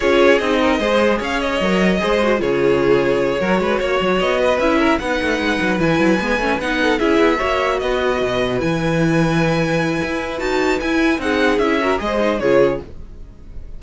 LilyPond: <<
  \new Staff \with { instrumentName = "violin" } { \time 4/4 \tempo 4 = 150 cis''4 dis''2 f''8 dis''8~ | dis''2 cis''2~ | cis''2~ cis''8 dis''4 e''8~ | e''8 fis''2 gis''4.~ |
gis''8 fis''4 e''2 dis''8~ | dis''4. gis''2~ gis''8~ | gis''2 a''4 gis''4 | fis''4 e''4 dis''4 cis''4 | }
  \new Staff \with { instrumentName = "violin" } { \time 4/4 gis'4. ais'8 c''4 cis''4~ | cis''4 c''4 gis'2~ | gis'8 ais'8 b'8 cis''4. b'4 | ais'8 b'2.~ b'8~ |
b'4 a'8 gis'4 cis''4 b'8~ | b'1~ | b'1 | gis'4. ais'8 c''4 gis'4 | }
  \new Staff \with { instrumentName = "viola" } { \time 4/4 f'4 dis'4 gis'2 | ais'4 gis'8 fis'8 f'2~ | f'8 fis'2. e'8~ | e'8 dis'2 e'4 b8 |
cis'8 dis'4 e'4 fis'4.~ | fis'4. e'2~ e'8~ | e'2 fis'4 e'4 | dis'4 e'8 fis'8 gis'8 dis'8 f'4 | }
  \new Staff \with { instrumentName = "cello" } { \time 4/4 cis'4 c'4 gis4 cis'4 | fis4 gis4 cis2~ | cis8 fis8 gis8 ais8 fis8 b4 cis'8~ | cis'8 b8 a8 gis8 fis8 e8 fis8 gis8 |
a8 b4 cis'8 b8 ais4 b8~ | b8 b,4 e2~ e8~ | e4 e'4 dis'4 e'4 | c'4 cis'4 gis4 cis4 | }
>>